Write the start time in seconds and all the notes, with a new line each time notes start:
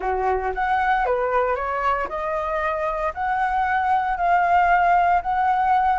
0.00 F#4
0.54 F#5
1.05 B4
1.55 C#5
2.09 D#5
3.14 F#5
4.17 F5
5.22 F#5